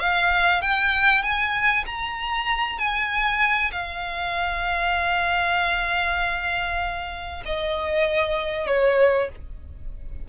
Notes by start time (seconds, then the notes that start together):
0.00 F5
0.62 G5
1.23 G#5
1.86 A#5
2.79 G#5
3.72 F5
7.46 D#5
8.67 C#5